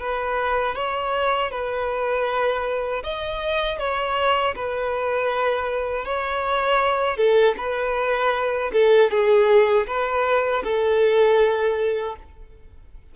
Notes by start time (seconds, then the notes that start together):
0.00 B4
0.76 C#5
1.51 B4
3.04 D#5
3.79 C#5
4.56 B4
6.05 C#5
7.17 A4
7.58 B4
8.73 A4
9.11 G#4
9.87 B4
10.64 A4